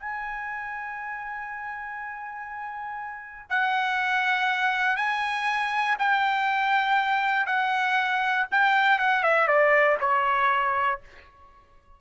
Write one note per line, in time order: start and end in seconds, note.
0.00 3.50 G#5
3.50 4.97 F#5
4.97 5.97 G#5
5.99 7.47 G5
7.47 8.47 F#5
8.51 8.99 G5
8.99 9.24 F#5
9.24 9.48 E5
9.48 9.98 D5
10.01 11.01 C#5